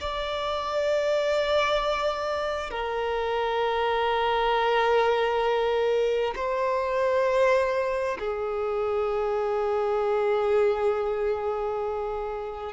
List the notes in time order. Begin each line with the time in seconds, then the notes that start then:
0.00 D5
2.70 A#4
6.36 C5
8.19 G#4